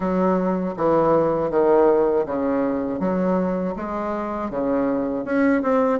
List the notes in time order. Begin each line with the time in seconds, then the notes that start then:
0.00 F#3
0.76 E3
1.50 D#3
2.25 C#3
2.99 F#3
3.76 G#3
4.50 C#3
5.24 C#4
5.62 C4